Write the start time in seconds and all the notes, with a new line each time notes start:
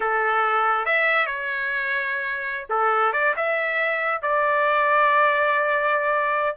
0.00 A4
0.85 E5
1.26 C#5
2.69 A4
3.12 D5
3.36 E5
4.21 D5